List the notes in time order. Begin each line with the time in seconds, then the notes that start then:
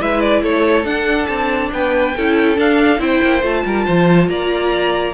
0.00 G#3 E4 B4 E5
0.20 D5
0.43 A3 A4 C#5
0.84 D4 F#5
1.27 C4 A5
1.72 B3 B4 G5
2.16 C#4 E4 A4
2.56 D4 F5
2.98 C4 E4 C5 G5
3.23 A#3
3.42 A3 F4 A5
3.65 G3 A#4
3.85 F3 C5
4.29 A#3 D5 A#5